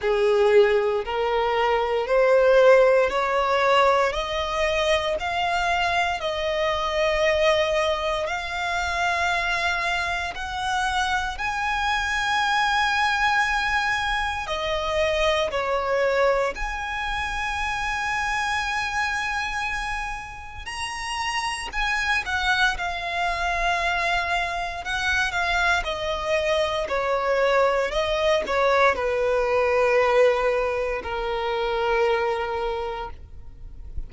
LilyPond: \new Staff \with { instrumentName = "violin" } { \time 4/4 \tempo 4 = 58 gis'4 ais'4 c''4 cis''4 | dis''4 f''4 dis''2 | f''2 fis''4 gis''4~ | gis''2 dis''4 cis''4 |
gis''1 | ais''4 gis''8 fis''8 f''2 | fis''8 f''8 dis''4 cis''4 dis''8 cis''8 | b'2 ais'2 | }